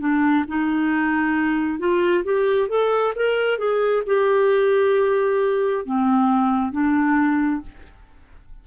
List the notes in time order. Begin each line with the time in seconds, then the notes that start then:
0.00 D4
0.48 D#4
1.79 F4
2.24 G4
2.69 A4
3.15 A#4
3.58 G#4
4.06 G4
5.85 C4
6.72 D4